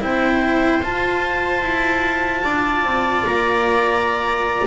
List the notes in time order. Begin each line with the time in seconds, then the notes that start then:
0.00 C4 E4 C5 G5
0.82 F4 A5
1.61 E4
2.43 D4 D5
2.84 C4
3.26 A#3 A#5